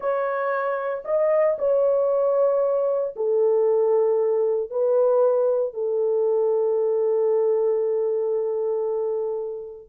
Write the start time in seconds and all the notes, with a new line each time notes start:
0.00 C#5
1.04 D#5
1.58 C#5
3.16 A4
4.70 B4
5.73 A4